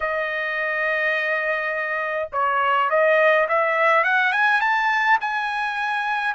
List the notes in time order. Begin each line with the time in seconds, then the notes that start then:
0.00 D#5
2.32 C#5
2.90 D#5
3.48 E5
4.04 F#5
4.32 G#5
4.60 A5
5.21 G#5